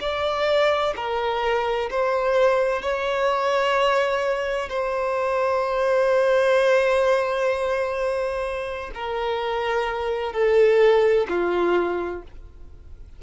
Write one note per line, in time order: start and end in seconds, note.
0.00 0.94 D5
0.95 1.89 A#4
1.90 2.82 C5
2.82 4.69 C#5
4.69 8.91 C5
8.94 10.33 A#4
10.33 11.26 A4
11.28 12.22 F4